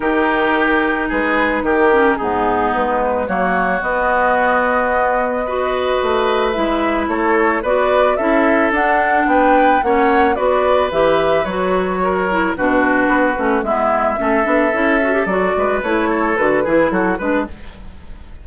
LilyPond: <<
  \new Staff \with { instrumentName = "flute" } { \time 4/4 \tempo 4 = 110 ais'2 b'4 ais'4 | gis'4 b'4 cis''4 dis''4~ | dis''1 | e''4 cis''4 d''4 e''4 |
fis''4 g''4 fis''4 d''4 | e''4 cis''2 b'4~ | b'4 e''2. | d''4 cis''4 b'4 a'8 b'8 | }
  \new Staff \with { instrumentName = "oboe" } { \time 4/4 g'2 gis'4 g'4 | dis'2 fis'2~ | fis'2 b'2~ | b'4 a'4 b'4 a'4~ |
a'4 b'4 cis''4 b'4~ | b'2 ais'4 fis'4~ | fis'4 e'4 a'2~ | a'8 b'4 a'4 gis'8 fis'8 b'8 | }
  \new Staff \with { instrumentName = "clarinet" } { \time 4/4 dis'2.~ dis'8 cis'8 | b2 ais4 b4~ | b2 fis'2 | e'2 fis'4 e'4 |
d'2 cis'4 fis'4 | g'4 fis'4. e'8 d'4~ | d'8 cis'8 b4 cis'8 d'8 e'8 fis'16 g'16 | fis'4 e'4 fis'8 e'4 d'8 | }
  \new Staff \with { instrumentName = "bassoon" } { \time 4/4 dis2 gis4 dis4 | gis,4 gis4 fis4 b4~ | b2. a4 | gis4 a4 b4 cis'4 |
d'4 b4 ais4 b4 | e4 fis2 b,4 | b8 a8 gis4 a8 b8 cis'4 | fis8 gis8 a4 d8 e8 fis8 gis8 | }
>>